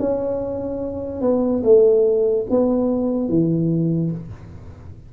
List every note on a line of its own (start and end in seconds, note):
0.00 1.22 C#4
1.22 1.63 B3
1.64 2.47 A3
2.50 3.29 B3
3.29 4.11 E3